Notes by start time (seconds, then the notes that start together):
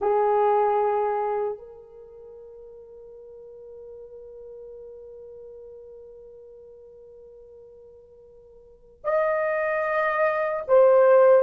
0.01 G#4
1.58 A#4
9.04 D#5
10.67 C5